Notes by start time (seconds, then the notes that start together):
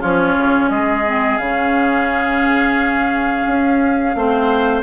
0.00 F3 C#4 F4 C#5
0.36 C#3
0.69 G#3 G#4 D#5
1.06 C4
1.37 C#3 C#4 F5
3.46 C#4
4.15 A3 C4 C5